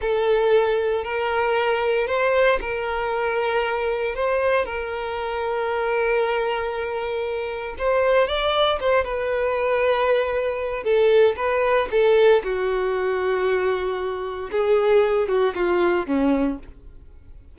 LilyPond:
\new Staff \with { instrumentName = "violin" } { \time 4/4 \tempo 4 = 116 a'2 ais'2 | c''4 ais'2. | c''4 ais'2.~ | ais'2. c''4 |
d''4 c''8 b'2~ b'8~ | b'4 a'4 b'4 a'4 | fis'1 | gis'4. fis'8 f'4 cis'4 | }